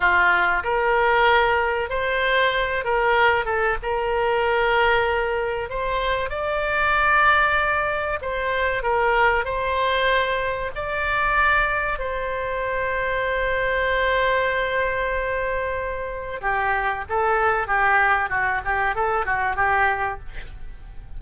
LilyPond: \new Staff \with { instrumentName = "oboe" } { \time 4/4 \tempo 4 = 95 f'4 ais'2 c''4~ | c''8 ais'4 a'8 ais'2~ | ais'4 c''4 d''2~ | d''4 c''4 ais'4 c''4~ |
c''4 d''2 c''4~ | c''1~ | c''2 g'4 a'4 | g'4 fis'8 g'8 a'8 fis'8 g'4 | }